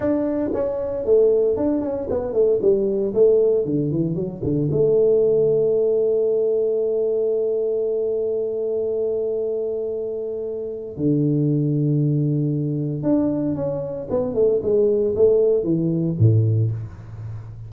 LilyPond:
\new Staff \with { instrumentName = "tuba" } { \time 4/4 \tempo 4 = 115 d'4 cis'4 a4 d'8 cis'8 | b8 a8 g4 a4 d8 e8 | fis8 d8 a2.~ | a1~ |
a1~ | a4 d2.~ | d4 d'4 cis'4 b8 a8 | gis4 a4 e4 a,4 | }